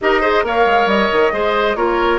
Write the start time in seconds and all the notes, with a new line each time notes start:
0.01 D#4 G4 A#4 D#5
0.20 G#4 C5
0.43 A#3 A#4 C#5 F5
0.65 G#3
0.86 G3 D#5
1.12 D#3
1.32 G#3 G#4 C5
1.75 A#3 F4 A#4 C#5